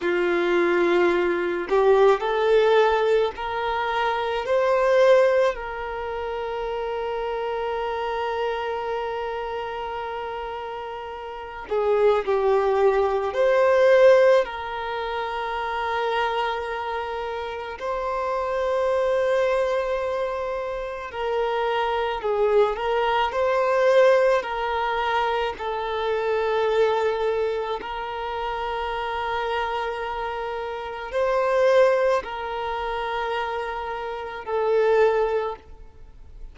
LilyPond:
\new Staff \with { instrumentName = "violin" } { \time 4/4 \tempo 4 = 54 f'4. g'8 a'4 ais'4 | c''4 ais'2.~ | ais'2~ ais'8 gis'8 g'4 | c''4 ais'2. |
c''2. ais'4 | gis'8 ais'8 c''4 ais'4 a'4~ | a'4 ais'2. | c''4 ais'2 a'4 | }